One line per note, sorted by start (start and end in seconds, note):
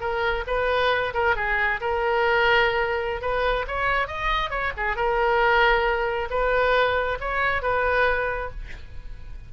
0.00 0.44 A#4
0.47 1.13 B4
1.14 1.36 A#4
1.36 1.80 G#4
1.81 3.21 A#4
3.21 3.66 B4
3.67 4.07 C#5
4.07 4.50 D#5
4.50 4.72 C#5
4.77 4.96 G#4
4.96 6.28 A#4
6.30 7.18 B4
7.20 7.62 C#5
7.62 8.50 B4